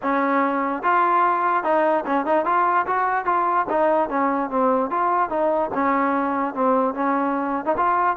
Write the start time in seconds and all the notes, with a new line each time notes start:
0.02 C#4
0.83 F4
1.63 D#4
2.06 C#4
2.25 D#4
2.45 F4
2.86 F#4
3.25 F4
3.69 D#4
4.09 C#4
4.50 C4
4.90 F4
5.29 D#4
5.73 C#4
6.54 C4
6.94 C#4
7.65 D#4
7.77 F4